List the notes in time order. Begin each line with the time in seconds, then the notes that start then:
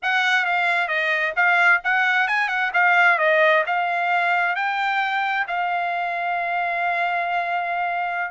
0.02 F#5
0.45 F5
0.88 D#5
1.35 F5
1.84 F#5
2.27 G#5
2.48 F#5
2.73 F5
3.18 D#5
3.66 F5
4.55 G5
5.47 F5